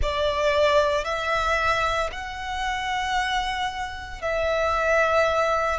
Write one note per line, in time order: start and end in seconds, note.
0.02 1.04 D5
1.04 2.10 E5
2.11 4.21 F#5
4.21 5.79 E5